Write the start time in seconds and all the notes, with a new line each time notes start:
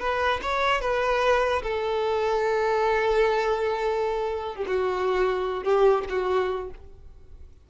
0.00 B4
0.43 C#5
0.81 B4
1.63 A4
4.56 G4
4.67 F#4
5.64 G4
6.10 F#4